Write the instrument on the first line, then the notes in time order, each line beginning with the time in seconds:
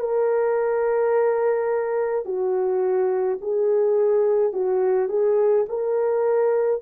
horn
0.00 A#4
2.25 F#4
3.41 G#4
4.53 F#4
5.09 G#4
5.69 A#4